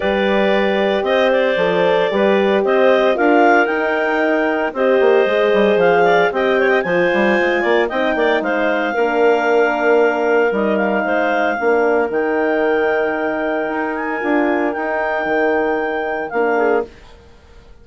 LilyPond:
<<
  \new Staff \with { instrumentName = "clarinet" } { \time 4/4 \tempo 4 = 114 d''2 dis''8 d''4.~ | d''4 dis''4 f''4 g''4~ | g''4 dis''2 f''4 | g''4 gis''2 g''4 |
f''1 | dis''8 f''2~ f''8 g''4~ | g''2~ g''8 gis''4. | g''2. f''4 | }
  \new Staff \with { instrumentName = "clarinet" } { \time 4/4 b'2 c''2 | b'4 c''4 ais'2~ | ais'4 c''2~ c''8 d''8 | dis''8 cis''16 dis''16 c''4. d''8 dis''8 d''8 |
c''4 ais'2.~ | ais'4 c''4 ais'2~ | ais'1~ | ais'2.~ ais'8 gis'8 | }
  \new Staff \with { instrumentName = "horn" } { \time 4/4 g'2. a'4 | g'2 f'4 dis'4~ | dis'4 g'4 gis'2 | g'4 f'2 dis'4~ |
dis'4 d'2. | dis'2 d'4 dis'4~ | dis'2. f'4 | dis'2. d'4 | }
  \new Staff \with { instrumentName = "bassoon" } { \time 4/4 g2 c'4 f4 | g4 c'4 d'4 dis'4~ | dis'4 c'8 ais8 gis8 g8 f4 | c'4 f8 g8 gis8 ais8 c'8 ais8 |
gis4 ais2. | g4 gis4 ais4 dis4~ | dis2 dis'4 d'4 | dis'4 dis2 ais4 | }
>>